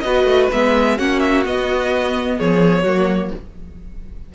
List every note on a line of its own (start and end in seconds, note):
0.00 0.24 B3
0.00 0.52 F#4
0.00 0.97 B4
0.00 0.47 D#5
0.24 0.48 A3
0.52 0.99 G#3
0.52 0.97 B3
0.52 0.98 E5
0.97 1.46 A#3
0.97 1.44 C#4
0.97 2.37 F#4
0.97 1.20 F#5
1.20 1.43 E5
1.45 2.85 B3
1.45 2.39 B3
1.45 2.39 D#5
2.38 2.84 F3
2.38 2.83 G#4
2.38 3.33 C#5
2.83 3.31 F#3
2.83 3.34 A#3
2.83 3.30 F#4